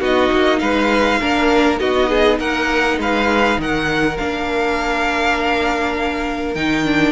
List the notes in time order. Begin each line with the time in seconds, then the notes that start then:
0.00 B3 D#4 F#4 D#5
0.32 A#3
0.59 G#3 B4 F5
1.21 A#3 D4 A#4
1.78 B3 D#4 F#4 D#5
2.09 G#4
2.39 A#3 A#4 F#5
2.98 G#3 B4 F5
3.58 D#3 A#4 F#5
4.17 A#3 D4 F5
6.54 D#3 D#4 G5
6.85 D4